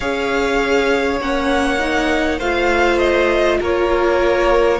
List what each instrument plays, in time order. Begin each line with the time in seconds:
0.00 cello C#4, viola G#4, violin C#5 F5
1.21 cello A#3, viola C#4, violin F#5
1.78 viola D#4
2.38 cello A3, viola F4, violin C5 F5
2.98 violin D#5
3.60 cello A#3, violin A#4 C#5